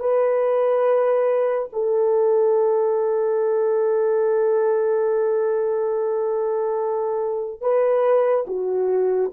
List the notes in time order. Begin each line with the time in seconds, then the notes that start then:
0.00 B4
1.73 A4
7.61 B4
8.47 F#4